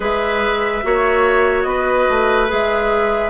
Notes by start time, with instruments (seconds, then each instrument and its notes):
0.00 bassoon G#3, clarinet G#4, oboe B4, flute E5
0.83 bassoon A#3, clarinet F#4, oboe C#5
1.62 bassoon B3, flute D#5
1.68 oboe B4
2.09 bassoon A3
2.48 bassoon G#3, clarinet G#4, flute E5